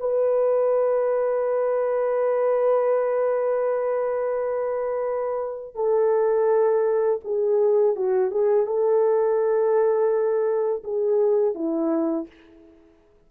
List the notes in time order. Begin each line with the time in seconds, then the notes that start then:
0.00 B4
5.75 A4
7.25 G#4
7.96 F#4
8.31 G#4
8.66 A4
10.84 G#4
11.55 E4